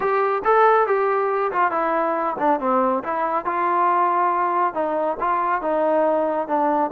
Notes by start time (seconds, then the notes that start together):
0.00 G4
0.44 A4
0.86 G4
1.51 F4
1.71 E4
2.38 D4
2.59 C4
3.03 E4
3.45 F4
4.74 D#4
5.20 F4
5.61 D#4
6.47 D4